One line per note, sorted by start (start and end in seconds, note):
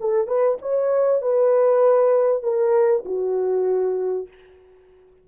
0.00 0.27 A4
0.27 0.57 B4
0.61 1.21 C#5
1.21 2.42 B4
2.42 3.03 A#4
3.05 4.27 F#4